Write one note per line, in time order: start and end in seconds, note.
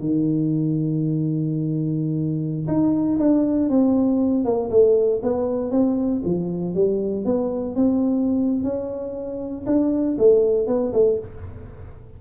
0.00 2.67 D#3
2.68 3.18 D#4
3.19 3.70 D4
3.70 4.45 C4
4.45 4.70 A#3
4.70 5.21 A3
5.23 5.71 B3
5.71 6.22 C4
6.25 6.75 F3
6.75 7.25 G3
7.25 7.76 B3
7.76 8.63 C4
8.63 9.65 C#4
9.66 10.17 D4
10.18 10.67 A3
10.67 10.93 B3
10.93 11.19 A3